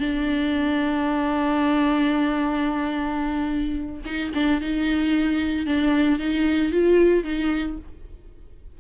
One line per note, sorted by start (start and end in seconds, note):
0.00 4.02 D4
4.05 4.32 D#4
4.34 4.61 D4
4.61 5.66 D#4
5.66 6.19 D4
6.19 6.72 D#4
6.72 7.24 F4
7.24 7.77 D#4